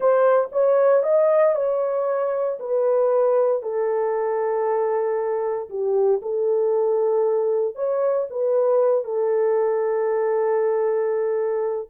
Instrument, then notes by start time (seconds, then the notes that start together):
horn
0.00 C5
0.51 C#5
1.03 D#5
1.55 C#5
2.59 B4
3.62 A4
5.69 G4
6.22 A4
7.75 C#5
8.29 B4
9.04 A4